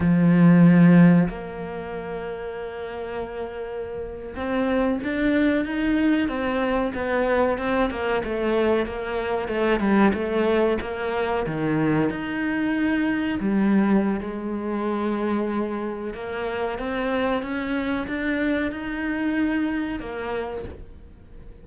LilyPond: \new Staff \with { instrumentName = "cello" } { \time 4/4 \tempo 4 = 93 f2 ais2~ | ais2~ ais8. c'4 d'16~ | d'8. dis'4 c'4 b4 c'16~ | c'16 ais8 a4 ais4 a8 g8 a16~ |
a8. ais4 dis4 dis'4~ dis'16~ | dis'8. g4~ g16 gis2~ | gis4 ais4 c'4 cis'4 | d'4 dis'2 ais4 | }